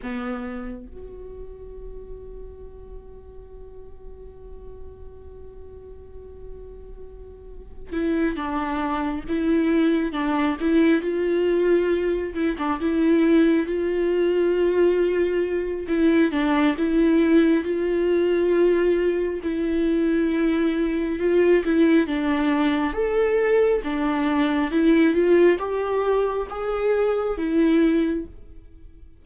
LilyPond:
\new Staff \with { instrumentName = "viola" } { \time 4/4 \tempo 4 = 68 b4 fis'2.~ | fis'1~ | fis'4 e'8 d'4 e'4 d'8 | e'8 f'4. e'16 d'16 e'4 f'8~ |
f'2 e'8 d'8 e'4 | f'2 e'2 | f'8 e'8 d'4 a'4 d'4 | e'8 f'8 g'4 gis'4 e'4 | }